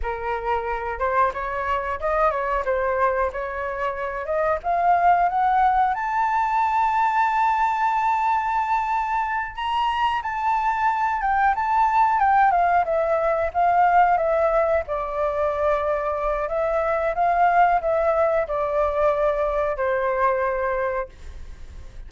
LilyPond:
\new Staff \with { instrumentName = "flute" } { \time 4/4 \tempo 4 = 91 ais'4. c''8 cis''4 dis''8 cis''8 | c''4 cis''4. dis''8 f''4 | fis''4 a''2.~ | a''2~ a''8 ais''4 a''8~ |
a''4 g''8 a''4 g''8 f''8 e''8~ | e''8 f''4 e''4 d''4.~ | d''4 e''4 f''4 e''4 | d''2 c''2 | }